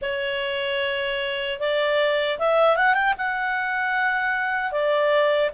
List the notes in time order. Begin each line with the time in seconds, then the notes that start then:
0.01 C#5
1.59 D5
2.39 E5
2.76 F#5
2.94 G5
3.17 F#5
4.71 D5